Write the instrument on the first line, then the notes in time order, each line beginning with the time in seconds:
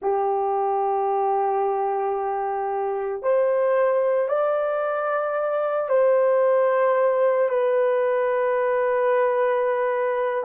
horn
0.02 G4
3.22 C5
4.28 D5
5.89 C5
7.49 B4